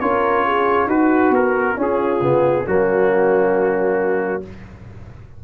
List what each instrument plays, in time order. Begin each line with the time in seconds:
0.00 tuba C#4, trombone F4, horn A#4, trumpet C#5
0.45 horn G#4
0.86 tuba D#4, horn F#4, trombone F#4, trumpet B4
1.30 tuba B3, trumpet A#4
1.76 trombone C#4, tuba C#4, horn F4, trumpet G#4
2.20 tuba C#3, trombone B3
2.64 tuba F#3, trombone A#3, horn C#4, trumpet F#4